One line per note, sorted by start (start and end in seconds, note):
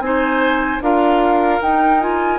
0.00 0.79 C4
0.00 0.82 D#4
0.00 0.84 C5
0.00 0.81 G#5
0.82 1.61 D4
0.82 1.61 F4
0.82 2.39 A#4
0.82 1.62 F5
1.61 2.39 D#4
1.61 2.01 D#4
1.61 2.01 G5
2.01 2.39 F4
2.01 2.39 G#5